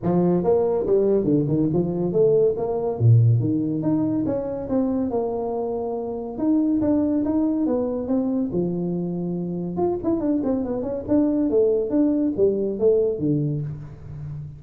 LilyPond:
\new Staff \with { instrumentName = "tuba" } { \time 4/4 \tempo 4 = 141 f4 ais4 g4 d8 dis8 | f4 a4 ais4 ais,4 | dis4 dis'4 cis'4 c'4 | ais2. dis'4 |
d'4 dis'4 b4 c'4 | f2. f'8 e'8 | d'8 c'8 b8 cis'8 d'4 a4 | d'4 g4 a4 d4 | }